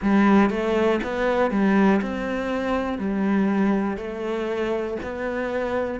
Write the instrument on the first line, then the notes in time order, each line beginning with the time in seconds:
cello
0.01 G3
0.50 A3
1.03 B3
1.50 G3
2.01 C4
2.98 G3
3.97 A3
5.03 B3